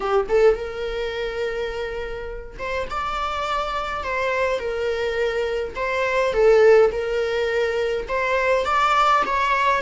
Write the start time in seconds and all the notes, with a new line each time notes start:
0.00 G4
0.28 A4
0.55 A#4
2.58 C5
2.90 D5
4.03 C5
4.59 A#4
5.75 C5
6.33 A4
6.92 A#4
8.08 C5
8.65 D5
9.26 C#5